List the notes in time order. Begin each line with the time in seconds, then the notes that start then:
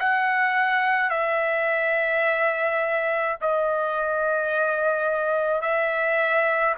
0.00 F#5
1.11 E5
3.42 D#5
5.62 E5